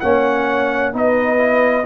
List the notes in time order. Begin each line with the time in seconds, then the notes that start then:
0.00 A#3 C#4 C#5 F#5
0.93 B3 D#4 B4 D#5
1.38 E4